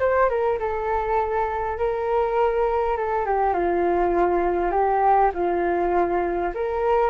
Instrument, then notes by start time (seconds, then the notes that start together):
flute
0.00 C5
0.29 A#4
0.59 A4
1.78 A#4
2.97 A4
3.26 G4
3.54 F4
4.72 G4
5.34 F4
6.55 A#4